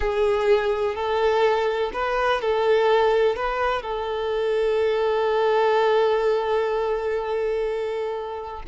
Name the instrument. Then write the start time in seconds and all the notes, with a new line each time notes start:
violin
0.00 G#4
0.95 A4
1.93 B4
2.41 A4
3.36 B4
3.82 A4